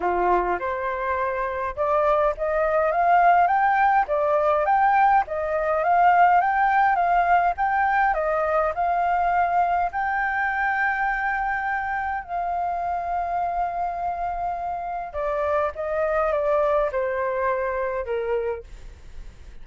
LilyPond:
\new Staff \with { instrumentName = "flute" } { \time 4/4 \tempo 4 = 103 f'4 c''2 d''4 | dis''4 f''4 g''4 d''4 | g''4 dis''4 f''4 g''4 | f''4 g''4 dis''4 f''4~ |
f''4 g''2.~ | g''4 f''2.~ | f''2 d''4 dis''4 | d''4 c''2 ais'4 | }